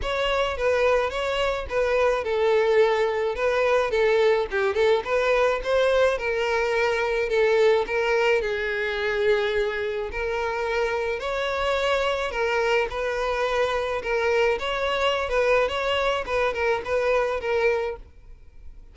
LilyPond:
\new Staff \with { instrumentName = "violin" } { \time 4/4 \tempo 4 = 107 cis''4 b'4 cis''4 b'4 | a'2 b'4 a'4 | g'8 a'8 b'4 c''4 ais'4~ | ais'4 a'4 ais'4 gis'4~ |
gis'2 ais'2 | cis''2 ais'4 b'4~ | b'4 ais'4 cis''4~ cis''16 b'8. | cis''4 b'8 ais'8 b'4 ais'4 | }